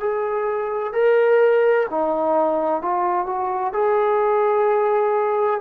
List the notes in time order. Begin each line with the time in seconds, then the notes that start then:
0.00 G#4
0.93 A#4
1.90 D#4
2.82 F4
3.26 F#4
3.73 G#4